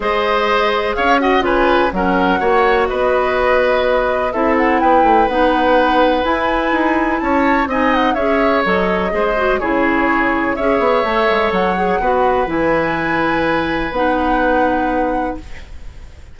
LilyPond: <<
  \new Staff \with { instrumentName = "flute" } { \time 4/4 \tempo 4 = 125 dis''2 f''8 fis''8 gis''4 | fis''2 dis''2~ | dis''4 e''8 fis''8 g''4 fis''4~ | fis''4 gis''2 a''4 |
gis''8 fis''8 e''4 dis''2 | cis''2 e''2 | fis''2 gis''2~ | gis''4 fis''2. | }
  \new Staff \with { instrumentName = "oboe" } { \time 4/4 c''2 cis''8 dis''8 b'4 | ais'4 cis''4 b'2~ | b'4 a'4 b'2~ | b'2. cis''4 |
dis''4 cis''2 c''4 | gis'2 cis''2~ | cis''4 b'2.~ | b'1 | }
  \new Staff \with { instrumentName = "clarinet" } { \time 4/4 gis'2~ gis'8 fis'8 f'4 | cis'4 fis'2.~ | fis'4 e'2 dis'4~ | dis'4 e'2. |
dis'4 gis'4 a'4 gis'8 fis'8 | e'2 gis'4 a'4~ | a'8 gis'8 fis'4 e'2~ | e'4 dis'2. | }
  \new Staff \with { instrumentName = "bassoon" } { \time 4/4 gis2 cis'4 cis4 | fis4 ais4 b2~ | b4 c'4 b8 a8 b4~ | b4 e'4 dis'4 cis'4 |
c'4 cis'4 fis4 gis4 | cis2 cis'8 b8 a8 gis8 | fis4 b4 e2~ | e4 b2. | }
>>